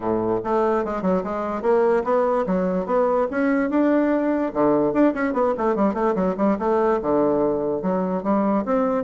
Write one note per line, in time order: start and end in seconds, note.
0.00 0.40 A2
0.44 0.84 A3
0.84 1.02 G#3
1.02 1.22 F#3
1.23 1.62 G#3
1.62 2.03 A#3
2.04 2.45 B3
2.46 2.86 F#3
2.86 3.27 B3
3.30 3.70 C#4
3.70 4.52 D4
4.53 4.93 D3
4.93 5.13 D4
5.14 5.33 C#4
5.33 5.53 B3
5.57 5.75 A3
5.75 5.94 G3
5.94 6.14 A3
6.15 6.35 F#3
6.37 6.57 G3
6.58 7.00 A3
7.02 7.82 D3
7.82 8.23 F#3
8.23 8.64 G3
8.65 9.03 C4